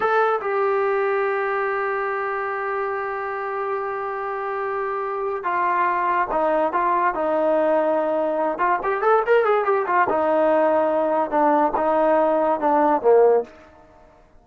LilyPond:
\new Staff \with { instrumentName = "trombone" } { \time 4/4 \tempo 4 = 143 a'4 g'2.~ | g'1~ | g'1~ | g'4 f'2 dis'4 |
f'4 dis'2.~ | dis'8 f'8 g'8 a'8 ais'8 gis'8 g'8 f'8 | dis'2. d'4 | dis'2 d'4 ais4 | }